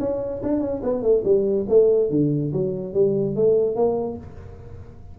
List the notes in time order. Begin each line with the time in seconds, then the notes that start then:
0.00 C#4
0.43 D4
0.61 C#4
0.84 B3
1.03 A3
1.25 G3
1.69 A3
2.10 D3
2.53 F#3
2.94 G3
3.36 A3
3.76 A#3